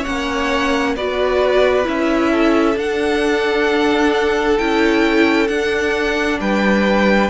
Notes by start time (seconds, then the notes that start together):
0.00 C#4 C#5 F#5
0.06 A#3
0.95 B3 F#4 B4 D5
1.84 C#4 E4 E5
2.31 A4
2.75 D4 F#5
4.57 C#4 E4 G5
5.47 D4 F#5
6.39 G3 B4 G5